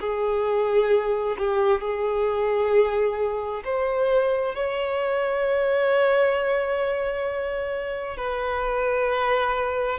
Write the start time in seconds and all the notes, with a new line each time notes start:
0.00 G#4
1.38 G4
1.81 G#4
3.64 C5
4.55 C#5
8.17 B4